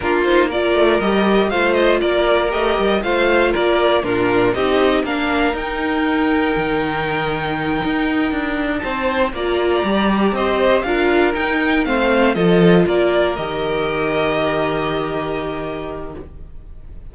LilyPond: <<
  \new Staff \with { instrumentName = "violin" } { \time 4/4 \tempo 4 = 119 ais'8 c''8 d''4 dis''4 f''8 dis''8 | d''4 dis''4 f''4 d''4 | ais'4 dis''4 f''4 g''4~ | g''1~ |
g''4. a''4 ais''4.~ | ais''8 dis''4 f''4 g''4 f''8~ | f''8 dis''4 d''4 dis''4.~ | dis''1 | }
  \new Staff \with { instrumentName = "violin" } { \time 4/4 f'4 ais'2 c''4 | ais'2 c''4 ais'4 | f'4 g'4 ais'2~ | ais'1~ |
ais'4. c''4 d''4.~ | d''8 c''4 ais'2 c''8~ | c''8 a'4 ais'2~ ais'8~ | ais'1 | }
  \new Staff \with { instrumentName = "viola" } { \time 4/4 d'8 dis'8 f'4 g'4 f'4~ | f'4 g'4 f'2 | d'4 dis'4 d'4 dis'4~ | dis'1~ |
dis'2~ dis'8 f'4 g'8~ | g'4. f'4 dis'4 c'8~ | c'8 f'2 g'4.~ | g'1 | }
  \new Staff \with { instrumentName = "cello" } { \time 4/4 ais4. a8 g4 a4 | ais4 a8 g8 a4 ais4 | ais,4 c'4 ais4 dis'4~ | dis'4 dis2~ dis8 dis'8~ |
dis'8 d'4 c'4 ais4 g8~ | g8 c'4 d'4 dis'4 a8~ | a8 f4 ais4 dis4.~ | dis1 | }
>>